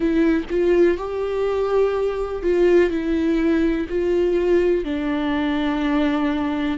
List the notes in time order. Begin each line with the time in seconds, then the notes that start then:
0.00 E4
0.50 F4
0.97 G4
2.42 F4
2.90 E4
3.88 F4
4.84 D4